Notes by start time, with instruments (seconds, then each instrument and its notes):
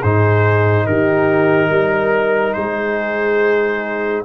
0.00 tuba G#2, trombone D#4, horn G#4, trumpet C5
0.86 tuba D#3, horn G4, trumpet A#4
1.70 tuba G3, horn A#4
2.53 tuba G#3, horn G#4, trumpet C5